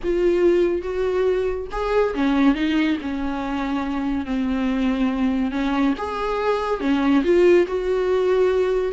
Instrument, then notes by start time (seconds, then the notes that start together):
viola
0.03 F4
0.82 F#4
1.71 G#4
2.14 C#4
2.54 D#4
3.01 C#4
4.25 C4
5.51 C#4
5.97 G#4
6.80 C#4
7.23 F4
7.67 F#4